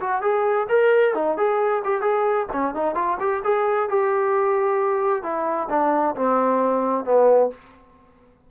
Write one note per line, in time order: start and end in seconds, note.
0.00 0.21 F#4
0.21 0.67 G#4
0.69 1.14 A#4
1.14 1.37 D#4
1.37 1.83 G#4
1.84 2.01 G4
2.01 2.46 G#4
2.53 2.74 C#4
2.74 2.95 D#4
2.95 3.17 F4
3.20 3.43 G4
3.44 3.89 G#4
3.89 5.23 G4
5.23 5.68 E4
5.70 6.15 D4
6.15 7.05 C4
7.05 7.50 B3